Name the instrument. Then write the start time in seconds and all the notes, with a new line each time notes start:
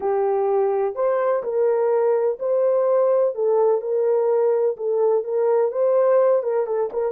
horn
0.00 G4
0.95 C5
1.43 A#4
2.39 C5
3.34 A4
3.81 A#4
4.76 A4
5.24 A#4
5.71 C5
6.42 A#4
6.66 A4
6.92 A#4